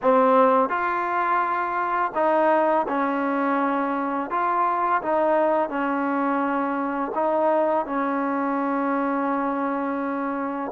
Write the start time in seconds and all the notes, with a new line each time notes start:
0.02 C4
0.69 F4
2.14 D#4
2.87 C#4
4.30 F4
5.02 D#4
5.69 C#4
7.14 D#4
7.85 C#4